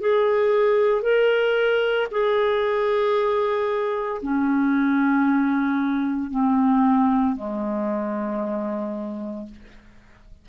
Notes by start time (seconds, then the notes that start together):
0.00 G#4
1.02 A#4
2.11 G#4
4.22 C#4
6.31 C4
7.36 G#3